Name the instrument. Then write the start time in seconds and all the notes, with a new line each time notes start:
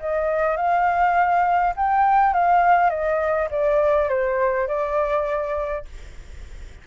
flute
0.00 D#5
0.57 F5
1.77 G5
2.34 F5
2.90 D#5
3.51 D5
4.10 C5
4.68 D5